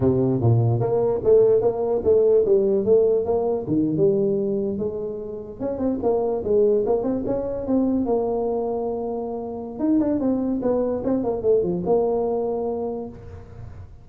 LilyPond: \new Staff \with { instrumentName = "tuba" } { \time 4/4 \tempo 4 = 147 c4 ais,4 ais4 a4 | ais4 a4 g4 a4 | ais4 dis8. g2 gis16~ | gis4.~ gis16 cis'8 c'8 ais4 gis16~ |
gis8. ais8 c'8 cis'4 c'4 ais16~ | ais1 | dis'8 d'8 c'4 b4 c'8 ais8 | a8 f8 ais2. | }